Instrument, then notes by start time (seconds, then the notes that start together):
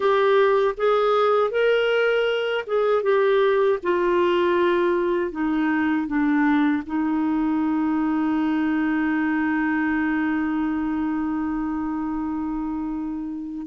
clarinet
0.00 G4
0.77 G#4
1.50 A#4
2.66 G#4
3.02 G4
3.82 F4
5.31 D#4
6.07 D4
6.86 D#4